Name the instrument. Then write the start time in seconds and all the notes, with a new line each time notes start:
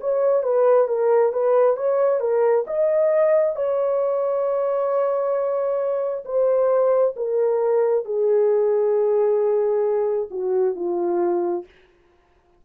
horn
0.00 C#5
0.43 B4
0.88 A#4
1.32 B4
1.77 C#5
2.20 A#4
2.67 D#5
3.55 C#5
6.25 C5
7.16 A#4
8.05 G#4
10.31 F#4
10.75 F4